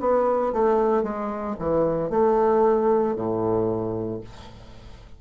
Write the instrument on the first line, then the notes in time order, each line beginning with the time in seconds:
bassoon
0.00 B3
0.52 A3
1.03 G#3
1.59 E3
2.10 A3
3.15 A2